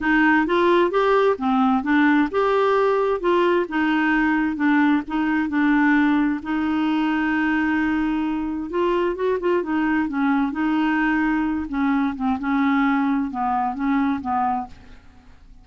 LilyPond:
\new Staff \with { instrumentName = "clarinet" } { \time 4/4 \tempo 4 = 131 dis'4 f'4 g'4 c'4 | d'4 g'2 f'4 | dis'2 d'4 dis'4 | d'2 dis'2~ |
dis'2. f'4 | fis'8 f'8 dis'4 cis'4 dis'4~ | dis'4. cis'4 c'8 cis'4~ | cis'4 b4 cis'4 b4 | }